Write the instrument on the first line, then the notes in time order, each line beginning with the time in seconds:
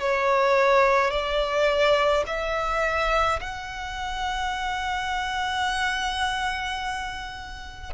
violin
0.00 C#5
1.10 D5
2.26 E5
3.40 F#5